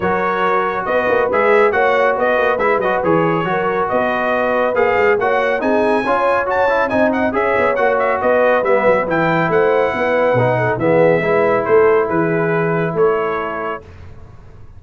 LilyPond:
<<
  \new Staff \with { instrumentName = "trumpet" } { \time 4/4 \tempo 4 = 139 cis''2 dis''4 e''4 | fis''4 dis''4 e''8 dis''8 cis''4~ | cis''4 dis''2 f''4 | fis''4 gis''2 a''4 |
gis''8 fis''8 e''4 fis''8 e''8 dis''4 | e''4 g''4 fis''2~ | fis''4 e''2 c''4 | b'2 cis''2 | }
  \new Staff \with { instrumentName = "horn" } { \time 4/4 ais'2 b'2 | cis''4 b'2. | ais'4 b'2. | cis''4 gis'4 cis''2 |
dis''4 cis''2 b'4~ | b'2 c''4 b'4~ | b'8 a'8 gis'4 b'4 a'4 | gis'2 a'2 | }
  \new Staff \with { instrumentName = "trombone" } { \time 4/4 fis'2. gis'4 | fis'2 e'8 fis'8 gis'4 | fis'2. gis'4 | fis'4 dis'4 f'4 fis'8 e'8 |
dis'4 gis'4 fis'2 | b4 e'2. | dis'4 b4 e'2~ | e'1 | }
  \new Staff \with { instrumentName = "tuba" } { \time 4/4 fis2 b8 ais8 gis4 | ais4 b8 ais8 gis8 fis8 e4 | fis4 b2 ais8 gis8 | ais4 c'4 cis'2 |
c'4 cis'8 b8 ais4 b4 | g8 fis8 e4 a4 b4 | b,4 e4 gis4 a4 | e2 a2 | }
>>